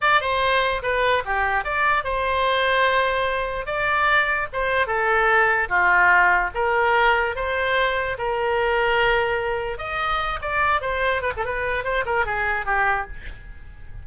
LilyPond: \new Staff \with { instrumentName = "oboe" } { \time 4/4 \tempo 4 = 147 d''8 c''4. b'4 g'4 | d''4 c''2.~ | c''4 d''2 c''4 | a'2 f'2 |
ais'2 c''2 | ais'1 | dis''4. d''4 c''4 b'16 a'16 | b'4 c''8 ais'8 gis'4 g'4 | }